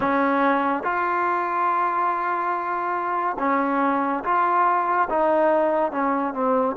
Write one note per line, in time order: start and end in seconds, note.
0.00 0.83 C#4
0.83 3.36 F4
3.38 4.23 C#4
4.24 5.08 F4
5.09 5.91 D#4
5.91 6.33 C#4
6.33 6.76 C4